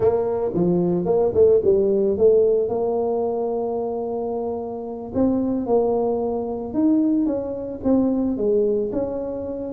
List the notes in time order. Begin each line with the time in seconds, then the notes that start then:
0.00 A#3
0.54 F3
1.05 A#3
1.34 A3
1.64 G3
2.17 A3
2.69 A#3
5.14 C4
5.66 A#3
6.73 D#4
7.26 C#4
7.83 C4
8.37 G#3
8.92 C#4